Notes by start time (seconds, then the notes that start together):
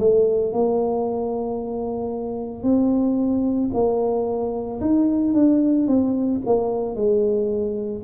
0.00 A3
0.53 A#3
2.63 C4
3.74 A#3
4.81 D#4
5.34 D4
5.88 C4
6.46 A#3
6.95 G#3